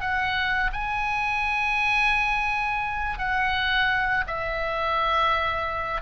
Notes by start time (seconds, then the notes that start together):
0.00 F#5
0.73 G#5
3.18 F#5
4.27 E5